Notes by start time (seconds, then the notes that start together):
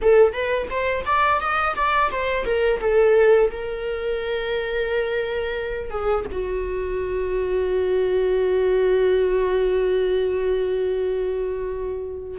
0.01 A4
0.32 B4
0.70 C5
1.05 D5
1.40 D#5
1.75 D5
2.11 C5
2.45 A#4
2.80 A4
3.50 A#4
5.90 G#4
6.31 F#4